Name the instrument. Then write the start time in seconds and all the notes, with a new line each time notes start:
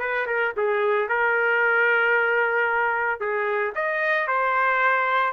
trumpet
0.00 B4
0.27 A#4
0.57 G#4
1.09 A#4
3.20 G#4
3.75 D#5
4.27 C5